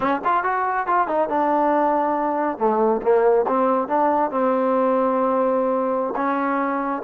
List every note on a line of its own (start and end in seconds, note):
0.00 0.21 C#4
0.24 0.43 F4
0.43 0.86 F#4
0.86 1.07 F4
1.07 1.28 D#4
1.28 2.58 D4
2.58 3.01 A3
3.02 3.45 A#3
3.47 3.88 C4
3.88 4.30 D4
4.30 6.14 C4
6.16 7.02 C#4